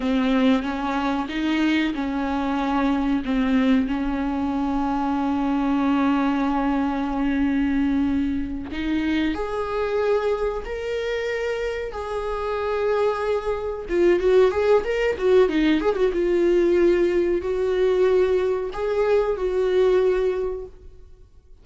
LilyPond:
\new Staff \with { instrumentName = "viola" } { \time 4/4 \tempo 4 = 93 c'4 cis'4 dis'4 cis'4~ | cis'4 c'4 cis'2~ | cis'1~ | cis'4. dis'4 gis'4.~ |
gis'8 ais'2 gis'4.~ | gis'4. f'8 fis'8 gis'8 ais'8 fis'8 | dis'8 gis'16 fis'16 f'2 fis'4~ | fis'4 gis'4 fis'2 | }